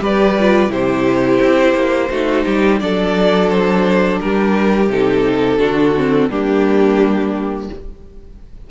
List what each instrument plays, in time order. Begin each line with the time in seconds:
0.00 cello G3, viola G4, violin B4 D5
0.40 viola F4
0.70 cello C3, viola E4, violin G4 C5
1.42 cello C4
1.75 cello A#3
2.11 cello A3, viola D#4, violin F#4
2.45 cello G3, violin G4
2.80 cello F#3, viola D4, violin A4 D5
3.50 violin C5
4.20 cello G3, violin G4 A#4
4.89 cello C3, viola D#4, violin A4
5.59 cello D3, viola D4, violin F#4
5.98 viola C4
6.30 cello G3, viola A#3, violin D4 G4